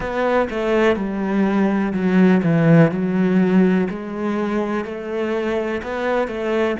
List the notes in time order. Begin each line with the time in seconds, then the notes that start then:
0.00 B3
0.50 A3
0.96 G3
1.93 F#3
2.42 E3
2.91 F#3
3.89 G#3
4.84 A3
5.82 B3
6.27 A3